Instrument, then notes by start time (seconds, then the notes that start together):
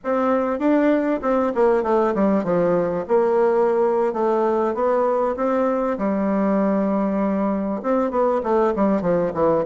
bassoon
0.04 C4
0.59 D4
1.22 C4
1.54 A#3
1.83 A3
2.14 G3
2.44 F3
3.08 A#3
4.13 A3
4.74 B3
5.36 C4
5.98 G3
7.82 C4
8.10 B3
8.43 A3
8.75 G3
9.01 F3
9.34 E3